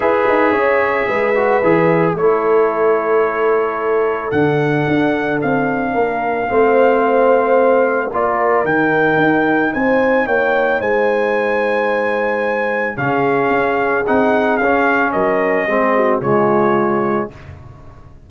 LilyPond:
<<
  \new Staff \with { instrumentName = "trumpet" } { \time 4/4 \tempo 4 = 111 e''1 | cis''1 | fis''2 f''2~ | f''2. d''4 |
g''2 gis''4 g''4 | gis''1 | f''2 fis''4 f''4 | dis''2 cis''2 | }
  \new Staff \with { instrumentName = "horn" } { \time 4/4 b'4 cis''4 b'2 | a'1~ | a'2. ais'4 | c''2. ais'4~ |
ais'2 c''4 cis''4 | c''1 | gis'1 | ais'4 gis'8 fis'8 f'2 | }
  \new Staff \with { instrumentName = "trombone" } { \time 4/4 gis'2~ gis'8 fis'8 gis'4 | e'1 | d'1 | c'2. f'4 |
dis'1~ | dis'1 | cis'2 dis'4 cis'4~ | cis'4 c'4 gis2 | }
  \new Staff \with { instrumentName = "tuba" } { \time 4/4 e'8 dis'8 cis'4 gis4 e4 | a1 | d4 d'4 c'4 ais4 | a2. ais4 |
dis4 dis'4 c'4 ais4 | gis1 | cis4 cis'4 c'4 cis'4 | fis4 gis4 cis2 | }
>>